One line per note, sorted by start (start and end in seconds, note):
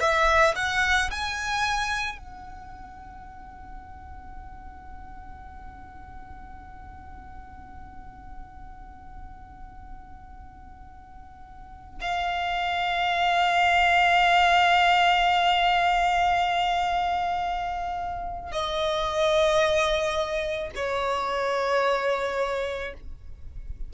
0.00 0.55 E5
0.56 1.10 F#5
1.11 2.18 G#5
2.18 12.00 F#5
12.01 18.52 F5
18.52 20.70 D#5
20.75 22.93 C#5